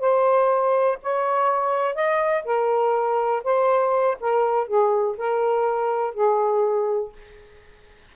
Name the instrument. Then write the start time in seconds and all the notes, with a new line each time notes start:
saxophone
0.00 C5
1.03 C#5
1.95 D#5
2.45 A#4
3.44 C5
4.20 A#4
4.68 G#4
5.18 A#4
6.15 G#4